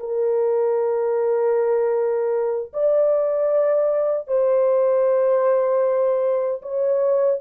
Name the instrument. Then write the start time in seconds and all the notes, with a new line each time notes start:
horn
0.00 A#4
2.73 D5
4.28 C5
6.62 C#5